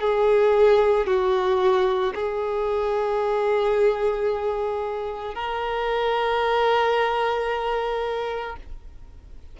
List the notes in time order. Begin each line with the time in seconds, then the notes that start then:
0.00 G#4
1.06 F#4
2.14 G#4
5.34 A#4